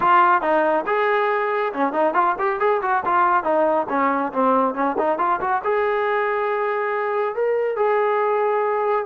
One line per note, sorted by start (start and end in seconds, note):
0.00 0.41 F4
0.41 0.84 D#4
0.86 1.72 G#4
1.73 1.92 C#4
1.92 2.13 D#4
2.13 2.35 F4
2.38 2.59 G4
2.59 2.81 G#4
2.82 3.03 F#4
3.05 3.43 F4
3.43 3.86 D#4
3.89 4.32 C#4
4.32 4.74 C4
4.74 4.96 C#4
4.98 5.18 D#4
5.18 5.40 F4
5.40 5.61 F#4
5.64 7.35 G#4
7.35 7.76 A#4
7.76 9.05 G#4